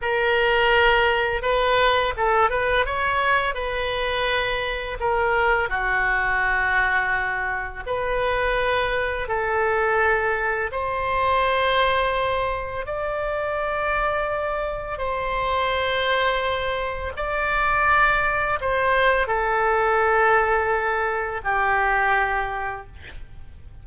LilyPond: \new Staff \with { instrumentName = "oboe" } { \time 4/4 \tempo 4 = 84 ais'2 b'4 a'8 b'8 | cis''4 b'2 ais'4 | fis'2. b'4~ | b'4 a'2 c''4~ |
c''2 d''2~ | d''4 c''2. | d''2 c''4 a'4~ | a'2 g'2 | }